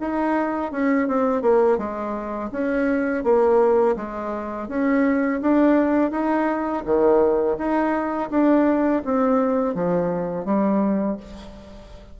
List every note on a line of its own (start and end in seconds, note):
0.00 0.72 D#4
0.72 1.07 C#4
1.07 1.42 C4
1.42 1.78 A#3
1.78 2.50 G#3
2.52 3.23 C#4
3.23 3.96 A#3
3.96 4.68 G#3
4.68 5.40 C#4
5.42 6.11 D4
6.11 6.83 D#4
6.85 7.57 D#3
7.57 8.30 D#4
8.30 9.02 D4
9.05 9.74 C4
9.74 10.45 F3
10.45 11.17 G3